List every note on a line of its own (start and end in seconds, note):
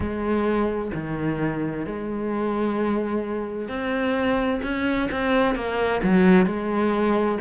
0.00 0.91 G#3
0.94 1.85 D#3
1.85 3.68 G#3
3.68 4.60 C4
4.62 5.09 C#4
5.11 5.55 C4
5.55 6.01 A#3
6.03 6.46 F#3
6.46 7.38 G#3